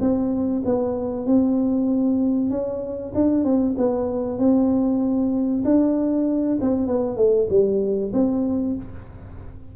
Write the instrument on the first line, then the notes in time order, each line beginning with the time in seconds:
tuba
0.00 C4
0.65 B3
1.26 C4
2.50 C#4
3.14 D4
3.44 C4
3.77 B3
4.38 C4
5.64 D4
6.61 C4
6.87 B3
7.16 A3
7.49 G3
8.13 C4